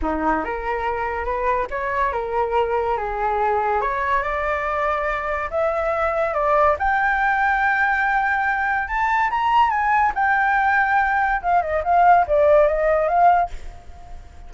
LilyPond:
\new Staff \with { instrumentName = "flute" } { \time 4/4 \tempo 4 = 142 dis'4 ais'2 b'4 | cis''4 ais'2 gis'4~ | gis'4 cis''4 d''2~ | d''4 e''2 d''4 |
g''1~ | g''4 a''4 ais''4 gis''4 | g''2. f''8 dis''8 | f''4 d''4 dis''4 f''4 | }